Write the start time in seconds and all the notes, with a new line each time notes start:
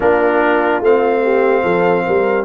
0.00 A#3 D4 F4 A#4
0.80 A3 C4 F5
1.22 G4
1.62 F3 A4
2.05 G3 A#4